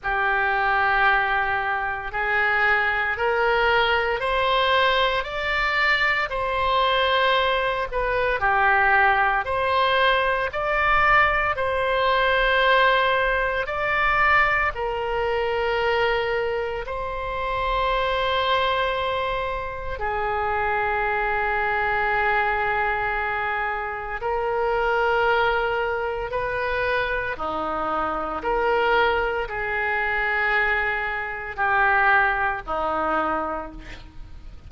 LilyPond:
\new Staff \with { instrumentName = "oboe" } { \time 4/4 \tempo 4 = 57 g'2 gis'4 ais'4 | c''4 d''4 c''4. b'8 | g'4 c''4 d''4 c''4~ | c''4 d''4 ais'2 |
c''2. gis'4~ | gis'2. ais'4~ | ais'4 b'4 dis'4 ais'4 | gis'2 g'4 dis'4 | }